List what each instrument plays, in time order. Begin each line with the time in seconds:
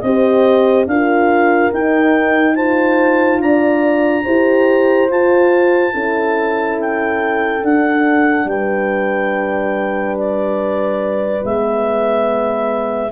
0.00 tuba C4, horn G4 C5, clarinet D#5
0.86 tuba D4, horn F4 A#4, clarinet F5
1.73 horn D#4, tuba D#4, clarinet G5
2.55 horn F4 C5, clarinet A5
3.40 tuba D4, horn D5, clarinet A#5
4.24 tuba E4, horn G4 C5
5.10 tuba F4, horn F4, clarinet A5
5.93 tuba C#4, horn E4 A4
6.80 clarinet G5
7.62 horn D4, tuba D4, clarinet F#5
8.44 tuba G3, horn B4, clarinet G5
10.18 clarinet D5
11.43 tuba G#3, horn B3, clarinet E5